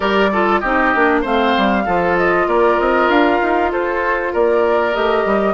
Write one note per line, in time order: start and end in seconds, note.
0.00 0.62 G3
0.00 0.29 G4
0.00 0.30 A#4
0.00 0.60 D5
0.32 0.63 F4
0.32 0.60 A4
0.60 0.94 C4
0.60 0.94 D#4
0.60 1.21 G4
0.60 1.21 D#5
0.94 1.24 A#3
0.94 1.24 D4
1.21 1.55 A3
1.21 1.85 C4
1.21 1.83 C5
1.21 2.17 F5
1.57 1.86 G3
1.85 2.47 F3
1.85 4.93 F4
1.85 2.47 A4
2.17 2.48 D#5
2.47 2.77 A#3
2.47 3.71 A#4
2.47 2.79 D5
2.79 3.08 C4
2.79 3.09 D#5
3.08 3.39 D4
3.08 3.71 F5
3.41 3.72 D#4
3.71 4.34 F4
3.71 4.32 A4
3.71 4.33 C5
4.32 4.95 A#3
4.32 5.54 A#4
4.32 4.94 D5
4.93 5.25 A3
4.93 5.54 G4
4.93 5.54 D#5
5.25 5.54 G3